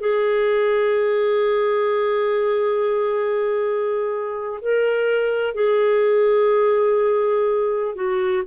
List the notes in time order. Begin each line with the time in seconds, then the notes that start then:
0.00 G#4
4.61 A#4
5.55 G#4
7.95 F#4